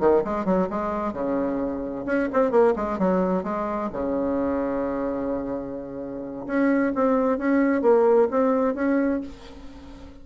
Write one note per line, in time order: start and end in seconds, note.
0.00 0.23 D#3
0.24 0.45 G#3
0.45 0.68 F#3
0.70 1.13 G#3
1.13 2.05 C#3
2.06 2.29 C#4
2.33 2.51 C4
2.51 2.74 A#3
2.76 2.99 G#3
2.99 3.44 F#3
3.44 3.90 G#3
3.93 6.46 C#3
6.47 6.93 C#4
6.95 7.38 C4
7.38 7.82 C#4
7.82 8.28 A#3
8.31 8.75 C4
8.75 9.21 C#4